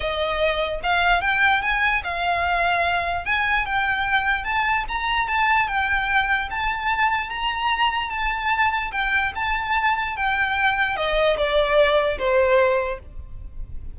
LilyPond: \new Staff \with { instrumentName = "violin" } { \time 4/4 \tempo 4 = 148 dis''2 f''4 g''4 | gis''4 f''2. | gis''4 g''2 a''4 | ais''4 a''4 g''2 |
a''2 ais''2 | a''2 g''4 a''4~ | a''4 g''2 dis''4 | d''2 c''2 | }